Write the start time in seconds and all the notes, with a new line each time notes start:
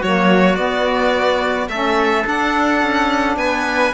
0.00 F#3 A#3 F#4 C#5
0.56 B3 D5
1.68 A3 C#4 A4 E5
2.24 D4 F#5
2.82 C#4
3.37 B3 B4 G#5